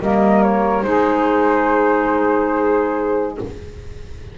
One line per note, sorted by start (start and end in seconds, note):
0.00 0.84 G3
0.00 0.83 A#3
0.00 0.85 A#4
0.00 0.43 D#5
0.43 0.83 C#5
0.83 3.37 G#3
0.83 3.36 D#4
0.83 3.38 G#4
0.83 3.36 C5